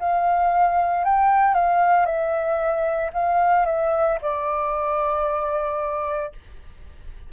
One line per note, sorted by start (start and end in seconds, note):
0.00 1.05 F5
1.05 1.55 G5
1.55 2.06 F5
2.06 3.11 E5
3.13 3.66 F5
3.66 4.19 E5
4.22 6.33 D5